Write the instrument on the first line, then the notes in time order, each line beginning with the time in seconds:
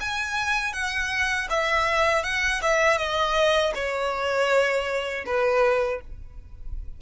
violin
0.00 G#5
0.73 F#5
1.50 E5
2.23 F#5
2.62 E5
2.98 D#5
3.75 C#5
5.26 B4